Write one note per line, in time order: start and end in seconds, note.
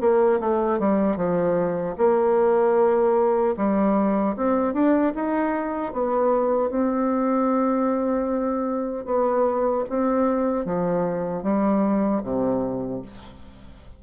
0.00 0.39 A#3
0.40 0.79 A3
0.79 1.16 G3
1.16 1.95 F3
1.97 3.55 A#3
3.57 4.36 G3
4.36 4.73 C4
4.73 5.13 D4
5.15 5.93 D#4
5.93 6.70 B3
6.70 9.05 C4
9.05 9.84 B3
9.89 10.65 C4
10.65 11.43 F3
11.43 12.22 G3
12.23 13.02 C3